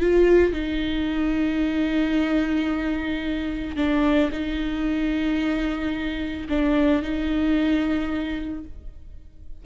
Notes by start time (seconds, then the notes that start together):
0.00 F4
0.53 D#4
3.76 D4
4.32 D#4
6.49 D4
7.02 D#4